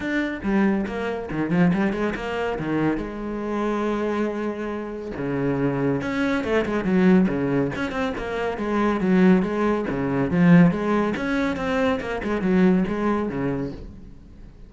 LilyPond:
\new Staff \with { instrumentName = "cello" } { \time 4/4 \tempo 4 = 140 d'4 g4 ais4 dis8 f8 | g8 gis8 ais4 dis4 gis4~ | gis1 | cis2 cis'4 a8 gis8 |
fis4 cis4 cis'8 c'8 ais4 | gis4 fis4 gis4 cis4 | f4 gis4 cis'4 c'4 | ais8 gis8 fis4 gis4 cis4 | }